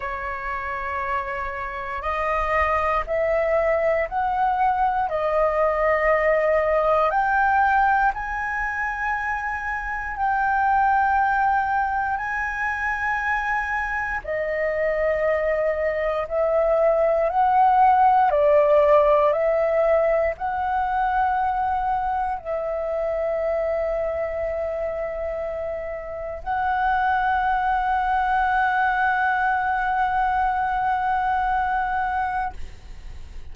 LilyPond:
\new Staff \with { instrumentName = "flute" } { \time 4/4 \tempo 4 = 59 cis''2 dis''4 e''4 | fis''4 dis''2 g''4 | gis''2 g''2 | gis''2 dis''2 |
e''4 fis''4 d''4 e''4 | fis''2 e''2~ | e''2 fis''2~ | fis''1 | }